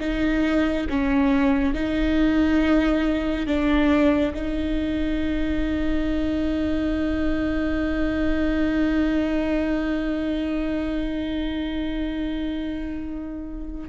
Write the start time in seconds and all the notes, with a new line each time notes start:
0.00 D#4
0.89 C#4
1.74 D#4
3.47 D4
4.34 D#4